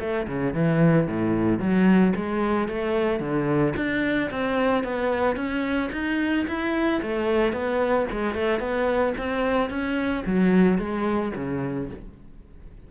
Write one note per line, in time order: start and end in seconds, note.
0.00 0.27 A3
0.27 0.54 C#3
0.54 1.08 E3
1.08 1.60 A2
1.60 2.14 F#3
2.16 2.69 G#3
2.69 3.20 A3
3.20 3.74 D3
3.77 4.31 D4
4.31 4.84 C4
4.84 5.37 B3
5.37 5.91 C#4
5.92 6.46 D#4
6.48 7.02 E4
7.03 7.53 A3
7.53 8.07 B3
8.12 8.35 G#3
8.35 8.60 A3
8.60 9.14 B3
9.18 9.70 C4
9.70 10.24 C#4
10.26 10.79 F#3
10.79 11.33 G#3
11.36 11.90 C#3